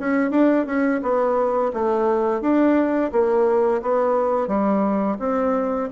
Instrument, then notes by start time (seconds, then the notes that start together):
bassoon
0.00 C#4
0.31 D4
0.66 C#4
1.02 B3
1.73 A3
2.42 D4
3.12 A#3
3.82 B3
4.48 G3
5.20 C4